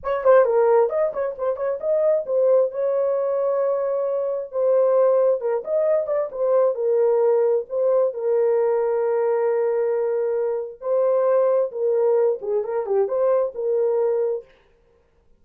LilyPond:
\new Staff \with { instrumentName = "horn" } { \time 4/4 \tempo 4 = 133 cis''8 c''8 ais'4 dis''8 cis''8 c''8 cis''8 | dis''4 c''4 cis''2~ | cis''2 c''2 | ais'8 dis''4 d''8 c''4 ais'4~ |
ais'4 c''4 ais'2~ | ais'1 | c''2 ais'4. gis'8 | ais'8 g'8 c''4 ais'2 | }